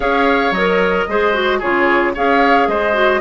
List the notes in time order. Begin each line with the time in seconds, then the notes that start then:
0.00 C#4 G#4 C#5 F5
0.51 F#3 A#4 D#5
1.08 G#3 G#4 C5
1.33 F#4
1.58 C#3 F4 G#4 C#5
2.14 C#4 G#4 C#5 F5
2.67 G#3 C5 D#5
2.93 F#4